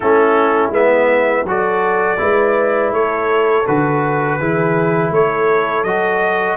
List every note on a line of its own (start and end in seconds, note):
0.00 0.70 A3
0.00 0.72 C#4
0.00 1.46 E4
0.00 0.70 A4
0.70 1.43 G#3
0.70 1.46 B3
0.70 1.46 E5
1.44 2.17 F#3
1.44 2.17 F#4
1.44 2.20 A4
1.44 2.93 D5
2.17 2.91 G#3
2.17 3.64 E4
2.17 2.93 B4
2.91 3.64 A3
2.91 4.38 A4
2.91 3.66 C#5
3.66 4.39 D3
3.66 4.40 F#4
3.66 5.13 B4
4.38 5.10 E3
4.38 5.86 E4
4.38 5.11 G#4
5.10 5.83 A3
5.10 6.57 A4
5.10 5.83 C#5
5.83 6.57 F#3
5.83 6.57 F#4
5.83 6.56 D#5